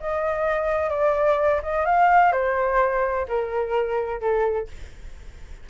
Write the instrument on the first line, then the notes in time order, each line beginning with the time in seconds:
flute
0.00 D#5
0.90 D5
1.63 D#5
1.86 F5
2.32 C5
3.28 A#4
4.21 A4